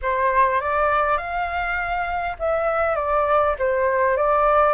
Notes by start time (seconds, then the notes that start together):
0.02 C5
0.60 D5
1.17 F5
2.39 E5
2.95 D5
3.58 C5
4.17 D5